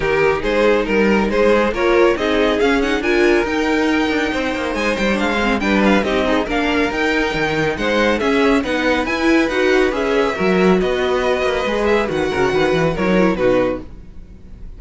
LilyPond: <<
  \new Staff \with { instrumentName = "violin" } { \time 4/4 \tempo 4 = 139 ais'4 c''4 ais'4 c''4 | cis''4 dis''4 f''8 fis''8 gis''4 | g''2. gis''8 g''8 | f''4 g''8 f''8 dis''4 f''4 |
g''2 fis''4 e''4 | fis''4 gis''4 fis''4 e''4~ | e''4 dis''2~ dis''8 e''8 | fis''2 cis''4 b'4 | }
  \new Staff \with { instrumentName = "violin" } { \time 4/4 g'4 gis'4 ais'4 gis'4 | ais'4 gis'2 ais'4~ | ais'2 c''2~ | c''4 b'4 g'8 dis'8 ais'4~ |
ais'2 c''4 gis'4 | b'1 | ais'4 b'2.~ | b'8 ais'8 b'4 ais'4 fis'4 | }
  \new Staff \with { instrumentName = "viola" } { \time 4/4 dis'1 | f'4 dis'4 cis'8 dis'8 f'4 | dis'1 | d'8 c'8 d'4 dis'8 gis'8 d'4 |
dis'2. cis'4 | dis'4 e'4 fis'4 gis'4 | fis'2. gis'4 | fis'2 e'16 dis'16 e'8 dis'4 | }
  \new Staff \with { instrumentName = "cello" } { \time 4/4 dis4 gis4 g4 gis4 | ais4 c'4 cis'4 d'4 | dis'4. d'8 c'8 ais8 gis8 g8 | gis4 g4 c'4 ais4 |
dis'4 dis4 gis4 cis'4 | b4 e'4 dis'4 cis'4 | fis4 b4. ais8 gis4 | dis8 cis8 dis8 e8 fis4 b,4 | }
>>